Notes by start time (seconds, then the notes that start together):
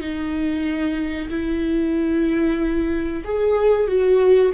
0.00 D#4
1.30 E4
3.24 G#4
3.87 F#4